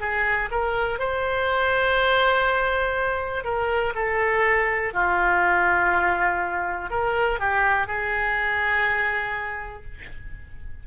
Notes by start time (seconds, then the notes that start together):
0.00 G#4
0.51 A#4
0.99 C5
3.44 A#4
3.94 A4
4.93 F4
6.89 A#4
7.39 G4
7.87 G#4